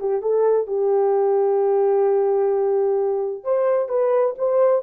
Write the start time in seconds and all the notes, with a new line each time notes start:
0.00 G4
0.22 A4
0.67 G4
3.44 C5
3.89 B4
4.38 C5